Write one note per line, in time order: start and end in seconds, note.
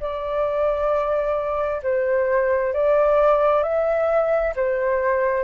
0.00 1.82 D5
1.83 2.73 C5
2.73 3.63 D5
3.63 4.54 E5
4.56 5.44 C5